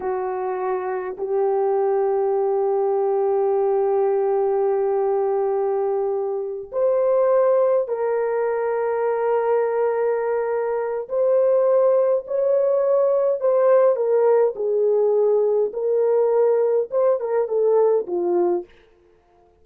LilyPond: \new Staff \with { instrumentName = "horn" } { \time 4/4 \tempo 4 = 103 fis'2 g'2~ | g'1~ | g'2.~ g'8 c''8~ | c''4. ais'2~ ais'8~ |
ais'2. c''4~ | c''4 cis''2 c''4 | ais'4 gis'2 ais'4~ | ais'4 c''8 ais'8 a'4 f'4 | }